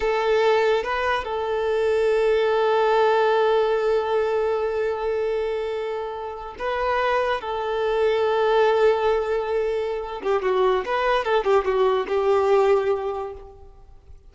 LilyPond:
\new Staff \with { instrumentName = "violin" } { \time 4/4 \tempo 4 = 144 a'2 b'4 a'4~ | a'1~ | a'1~ | a'2.~ a'8. b'16~ |
b'4.~ b'16 a'2~ a'16~ | a'1~ | a'8 g'8 fis'4 b'4 a'8 g'8 | fis'4 g'2. | }